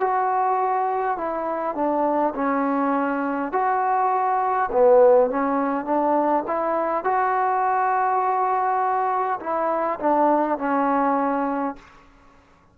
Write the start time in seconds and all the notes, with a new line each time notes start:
0.00 F#4
1.17 E4
1.75 D4
2.35 C#4
3.52 F#4
4.72 B3
5.30 C#4
5.84 D4
6.47 E4
7.04 F#4
9.40 E4
9.99 D4
10.58 C#4